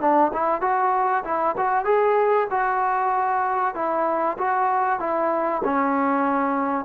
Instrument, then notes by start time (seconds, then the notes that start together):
trombone
0.00 D4
0.33 E4
0.61 F#4
1.24 E4
1.57 F#4
1.84 G#4
2.50 F#4
3.74 E4
4.38 F#4
4.99 E4
5.64 C#4